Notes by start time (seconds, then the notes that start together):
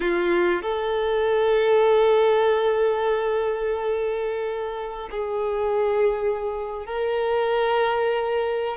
0.00 F4
0.62 A4
5.11 G#4
6.86 A#4